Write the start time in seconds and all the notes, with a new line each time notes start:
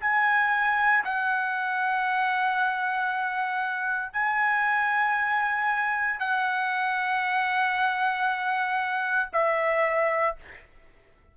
0.00 G#5
1.04 F#5
4.13 G#5
6.19 F#5
9.32 E5